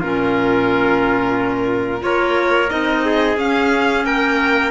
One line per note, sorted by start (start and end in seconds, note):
0.00 2.03 A#2
0.00 2.00 C#4
0.00 2.02 F4
0.00 2.03 A#4
2.00 2.70 A#3
2.00 2.68 F4
2.00 3.05 A#4
2.00 2.70 C#5
2.68 3.37 C4
2.68 3.36 D#4
2.68 3.37 D#5
3.05 4.06 G#4
3.37 4.04 C#4
3.37 4.71 C#4
3.37 4.05 F5
4.04 4.71 A#3
4.04 4.71 A#4
4.04 4.71 G5